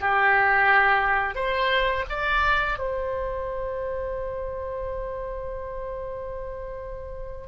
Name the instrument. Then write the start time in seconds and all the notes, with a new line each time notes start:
oboe
0.00 G4
1.35 C5
2.09 D5
2.78 C5